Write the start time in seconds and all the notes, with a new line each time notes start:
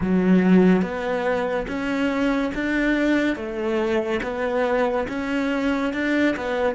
0.00 F#3
0.82 B3
1.67 C#4
2.54 D4
3.36 A3
4.23 B3
5.08 C#4
5.93 D4
6.36 B3